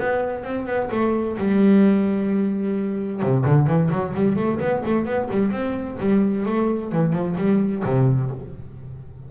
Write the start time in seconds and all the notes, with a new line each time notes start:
0.00 B3
0.44 C4
0.67 B3
0.92 A3
1.38 G3
3.23 C3
3.46 D3
3.67 E3
3.91 F#3
4.15 G3
4.36 A3
4.60 B3
4.86 A3
5.06 B3
5.31 G3
5.52 C4
6.00 G3
6.46 A3
6.92 E3
7.13 F3
7.38 G3
7.85 C3